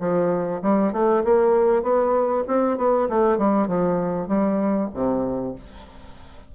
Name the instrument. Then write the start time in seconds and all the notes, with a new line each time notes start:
bassoon
0.00 F3
0.62 G3
0.93 A3
1.24 A#3
1.83 B3
2.47 C4
2.77 B3
3.09 A3
3.38 G3
3.67 F3
4.28 G3
4.94 C3